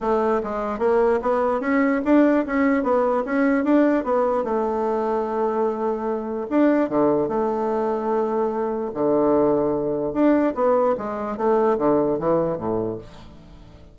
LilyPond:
\new Staff \with { instrumentName = "bassoon" } { \time 4/4 \tempo 4 = 148 a4 gis4 ais4 b4 | cis'4 d'4 cis'4 b4 | cis'4 d'4 b4 a4~ | a1 |
d'4 d4 a2~ | a2 d2~ | d4 d'4 b4 gis4 | a4 d4 e4 a,4 | }